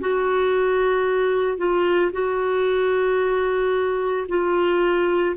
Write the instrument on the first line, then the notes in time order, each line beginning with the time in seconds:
clarinet
0.00 F#4
1.57 F4
2.12 F#4
4.28 F4